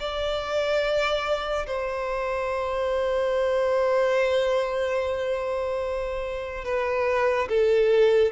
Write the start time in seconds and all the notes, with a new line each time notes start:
0.00 D5
1.67 C5
6.65 B4
7.49 A4